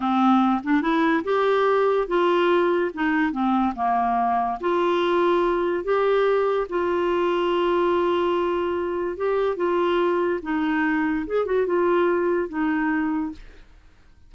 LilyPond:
\new Staff \with { instrumentName = "clarinet" } { \time 4/4 \tempo 4 = 144 c'4. d'8 e'4 g'4~ | g'4 f'2 dis'4 | c'4 ais2 f'4~ | f'2 g'2 |
f'1~ | f'2 g'4 f'4~ | f'4 dis'2 gis'8 fis'8 | f'2 dis'2 | }